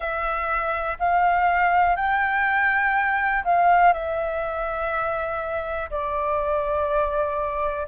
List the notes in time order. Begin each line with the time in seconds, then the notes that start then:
0.00 E5
0.99 F5
1.96 G5
3.44 F5
3.93 E5
5.90 D5